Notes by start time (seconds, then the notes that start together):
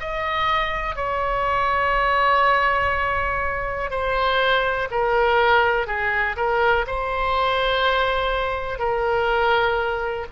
0.00 D#5
0.96 C#5
3.90 C5
4.91 A#4
5.87 G#4
6.37 A#4
6.87 C5
8.79 A#4